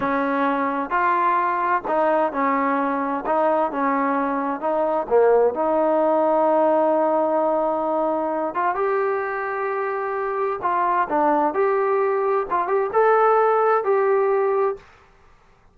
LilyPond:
\new Staff \with { instrumentName = "trombone" } { \time 4/4 \tempo 4 = 130 cis'2 f'2 | dis'4 cis'2 dis'4 | cis'2 dis'4 ais4 | dis'1~ |
dis'2~ dis'8 f'8 g'4~ | g'2. f'4 | d'4 g'2 f'8 g'8 | a'2 g'2 | }